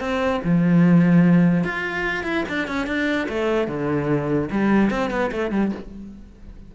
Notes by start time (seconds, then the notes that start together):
0.00 C4
0.44 F3
1.64 F4
2.24 E4
2.49 D4
2.68 C#4
2.87 D4
3.29 A3
3.68 D3
4.51 G3
4.91 C4
5.11 B3
5.32 A3
5.52 G3